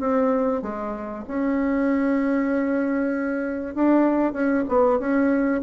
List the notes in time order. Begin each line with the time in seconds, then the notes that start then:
0.00 C4
0.62 G#3
1.28 C#4
3.75 D4
4.33 C#4
4.68 B3
5.00 C#4